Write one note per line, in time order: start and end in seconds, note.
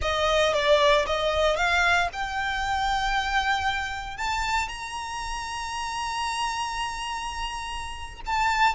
0.01 0.53 D#5
0.53 1.05 D5
1.06 1.56 D#5
1.56 2.08 F5
2.12 4.17 G5
4.17 4.68 A5
4.68 8.20 A#5
8.26 8.74 A5